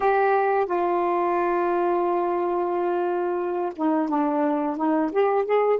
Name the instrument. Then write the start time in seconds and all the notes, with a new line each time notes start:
saxophone
0.00 G4
0.66 F4
3.76 D#4
4.08 D4
4.77 D#4
5.12 G4
5.45 G#4